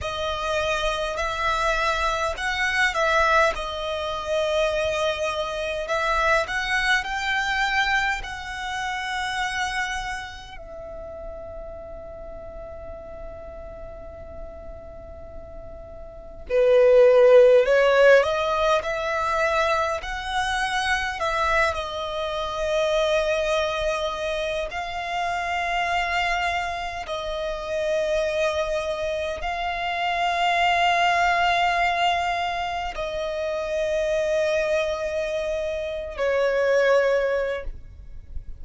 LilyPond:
\new Staff \with { instrumentName = "violin" } { \time 4/4 \tempo 4 = 51 dis''4 e''4 fis''8 e''8 dis''4~ | dis''4 e''8 fis''8 g''4 fis''4~ | fis''4 e''2.~ | e''2 b'4 cis''8 dis''8 |
e''4 fis''4 e''8 dis''4.~ | dis''4 f''2 dis''4~ | dis''4 f''2. | dis''2~ dis''8. cis''4~ cis''16 | }